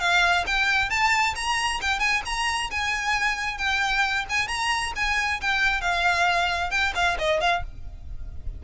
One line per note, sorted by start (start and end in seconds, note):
0.00 0.45 F5
0.47 0.90 G5
0.90 1.35 A5
1.36 1.81 A#5
1.82 2.00 G5
2.00 2.22 G#5
2.26 2.71 A#5
2.71 3.58 G#5
3.58 4.26 G5
4.30 4.48 G#5
4.48 4.93 A#5
4.96 5.41 G#5
5.41 5.81 G5
5.81 6.71 F5
6.71 6.93 G5
6.95 7.18 F5
7.19 7.41 D#5
7.41 7.63 F5